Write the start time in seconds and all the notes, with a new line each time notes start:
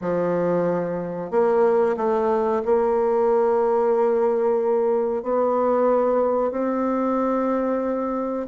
0.01 F3
1.30 A#3
1.97 A3
2.65 A#3
5.22 B3
6.51 C4